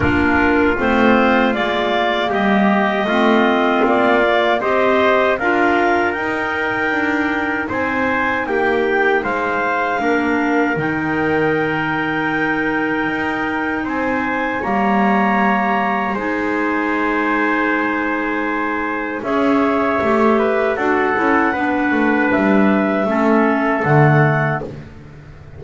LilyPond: <<
  \new Staff \with { instrumentName = "clarinet" } { \time 4/4 \tempo 4 = 78 ais'4 c''4 d''4 dis''4~ | dis''4 d''4 dis''4 f''4 | g''2 gis''4 g''4 | f''2 g''2~ |
g''2 gis''4 ais''4~ | ais''4 gis''2.~ | gis''4 e''2 fis''4~ | fis''4 e''2 fis''4 | }
  \new Staff \with { instrumentName = "trumpet" } { \time 4/4 f'2. g'4 | f'2 c''4 ais'4~ | ais'2 c''4 g'4 | c''4 ais'2.~ |
ais'2 c''4 cis''4~ | cis''4 c''2.~ | c''4 cis''4. b'8 a'4 | b'2 a'2 | }
  \new Staff \with { instrumentName = "clarinet" } { \time 4/4 d'4 c'4 ais2 | c'4. ais8 g'4 f'4 | dis'1~ | dis'4 d'4 dis'2~ |
dis'2. ais4~ | ais4 dis'2.~ | dis'4 gis'4 g'4 fis'8 e'8 | d'2 cis'4 a4 | }
  \new Staff \with { instrumentName = "double bass" } { \time 4/4 ais4 a4 gis4 g4 | a4 ais4 c'4 d'4 | dis'4 d'4 c'4 ais4 | gis4 ais4 dis2~ |
dis4 dis'4 c'4 g4~ | g4 gis2.~ | gis4 cis'4 a4 d'8 cis'8 | b8 a8 g4 a4 d4 | }
>>